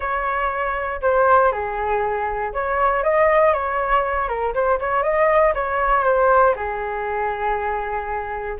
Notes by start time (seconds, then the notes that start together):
0.00 C#5
1.01 C5
1.51 G#4
2.53 C#5
3.03 D#5
3.53 C#5
4.28 A#4
4.54 C5
4.79 C#5
5.03 D#5
5.54 C#5
6.04 C5
6.55 G#4